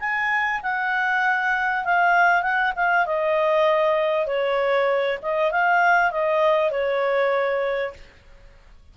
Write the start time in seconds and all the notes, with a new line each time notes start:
0.00 G#5
0.63 F#5
1.85 F5
2.42 F#5
2.76 F5
3.06 D#5
4.27 C#5
5.22 D#5
5.52 F5
6.11 D#5
6.71 C#5